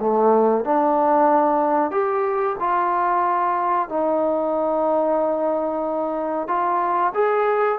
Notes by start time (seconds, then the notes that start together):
0.00 A3
0.65 D4
1.91 G4
2.59 F4
3.89 D#4
6.47 F4
7.14 G#4